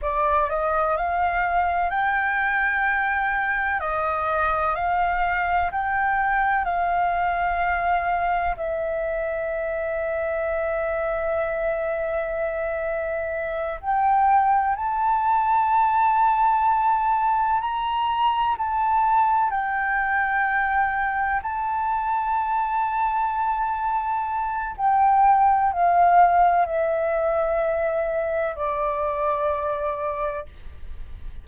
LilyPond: \new Staff \with { instrumentName = "flute" } { \time 4/4 \tempo 4 = 63 d''8 dis''8 f''4 g''2 | dis''4 f''4 g''4 f''4~ | f''4 e''2.~ | e''2~ e''8 g''4 a''8~ |
a''2~ a''8 ais''4 a''8~ | a''8 g''2 a''4.~ | a''2 g''4 f''4 | e''2 d''2 | }